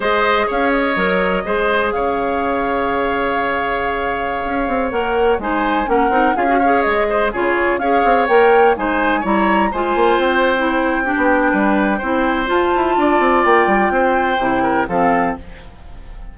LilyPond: <<
  \new Staff \with { instrumentName = "flute" } { \time 4/4 \tempo 4 = 125 dis''4 f''8 dis''2~ dis''8 | f''1~ | f''2~ f''16 fis''4 gis''8.~ | gis''16 fis''4 f''4 dis''4 cis''8.~ |
cis''16 f''4 g''4 gis''4 ais''8.~ | ais''16 gis''4 g''2~ g''8.~ | g''2 a''2 | g''2. f''4 | }
  \new Staff \with { instrumentName = "oboe" } { \time 4/4 c''4 cis''2 c''4 | cis''1~ | cis''2.~ cis''16 c''8.~ | c''16 ais'4 gis'8 cis''4 c''8 gis'8.~ |
gis'16 cis''2 c''4 cis''8.~ | cis''16 c''2~ c''8. g'4 | b'4 c''2 d''4~ | d''4 c''4. ais'8 a'4 | }
  \new Staff \with { instrumentName = "clarinet" } { \time 4/4 gis'2 ais'4 gis'4~ | gis'1~ | gis'2~ gis'16 ais'4 dis'8.~ | dis'16 cis'8 dis'8 f'16 fis'16 gis'4. f'8.~ |
f'16 gis'4 ais'4 dis'4 e'8.~ | e'16 f'4.~ f'16 e'4 d'4~ | d'4 e'4 f'2~ | f'2 e'4 c'4 | }
  \new Staff \with { instrumentName = "bassoon" } { \time 4/4 gis4 cis'4 fis4 gis4 | cis1~ | cis4~ cis16 cis'8 c'8 ais4 gis8.~ | gis16 ais8 c'8 cis'4 gis4 cis8.~ |
cis16 cis'8 c'8 ais4 gis4 g8.~ | g16 gis8 ais8 c'2 b8. | g4 c'4 f'8 e'8 d'8 c'8 | ais8 g8 c'4 c4 f4 | }
>>